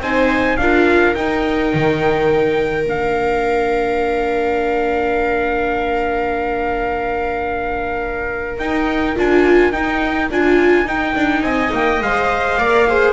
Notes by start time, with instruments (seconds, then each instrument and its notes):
0.00 double bass C4, viola D#4 C5, trumpet G#5
0.57 double bass D4, viola F4 A#4, trumpet F5
1.15 double bass D#4, viola D#4, trumpet G5
1.74 double bass D#3
2.85 double bass A#3, viola D4, trumpet F5
8.59 double bass D#4, viola D#4, trumpet G5
9.16 double bass D4, viola F4, trumpet G#5
9.72 double bass D#4, viola D#4, trumpet G5
10.30 double bass D4, viola F4, trumpet G#5
10.86 double bass D#4, viola D#4, trumpet G5
11.16 double bass D4
11.42 double bass C4, viola D#5, trumpet G#5
11.72 double bass A#3, trumpet G5
12.01 double bass G#3, viola C5, trumpet F5
12.58 double bass A#3, viola A#4 D5
12.87 viola G#4 C5